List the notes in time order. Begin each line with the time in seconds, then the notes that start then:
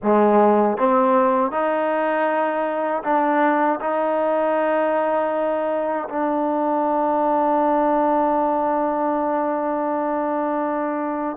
0.02 G#3
0.77 C4
1.51 D#4
3.03 D4
3.80 D#4
6.09 D4